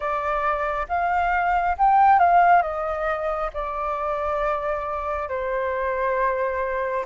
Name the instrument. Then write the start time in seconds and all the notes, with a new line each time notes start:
flute
0.00 D5
0.88 F5
1.78 G5
2.19 F5
2.62 D#5
3.53 D5
5.28 C5